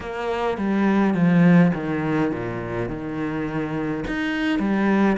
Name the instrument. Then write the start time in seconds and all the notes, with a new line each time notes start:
cello
0.00 A#3
0.57 G3
1.14 F3
1.74 D#3
2.31 A#2
2.88 D#3
4.07 D#4
4.59 G3